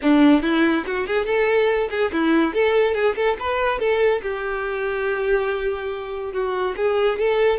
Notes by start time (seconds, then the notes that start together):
0.02 D4
0.42 E4
0.86 F#4
1.06 G#4
1.25 A4
1.90 G#4
2.12 E4
2.54 A4
2.94 G#4
3.15 A4
3.39 B4
3.79 A4
4.22 G4
6.32 F#4
6.76 G#4
7.18 A4